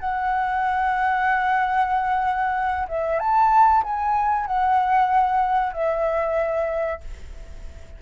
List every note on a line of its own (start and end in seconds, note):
0.00 2.87 F#5
2.89 3.19 E5
3.19 3.83 A5
3.84 4.46 G#5
4.46 5.73 F#5
5.73 7.01 E5